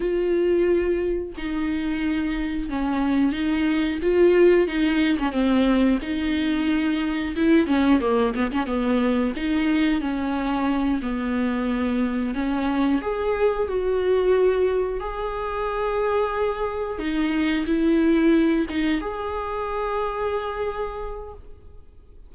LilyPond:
\new Staff \with { instrumentName = "viola" } { \time 4/4 \tempo 4 = 90 f'2 dis'2 | cis'4 dis'4 f'4 dis'8. cis'16 | c'4 dis'2 e'8 cis'8 | ais8 b16 cis'16 b4 dis'4 cis'4~ |
cis'8 b2 cis'4 gis'8~ | gis'8 fis'2 gis'4.~ | gis'4. dis'4 e'4. | dis'8 gis'2.~ gis'8 | }